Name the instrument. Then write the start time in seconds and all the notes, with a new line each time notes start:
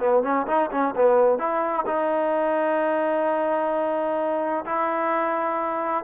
trombone
0.00 B3
0.23 C#4
0.47 D#4
0.71 C#4
0.96 B3
1.39 E4
1.86 D#4
4.66 E4